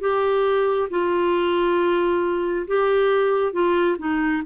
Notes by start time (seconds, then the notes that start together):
0.00 G4
0.89 F4
2.67 G4
3.52 F4
3.98 D#4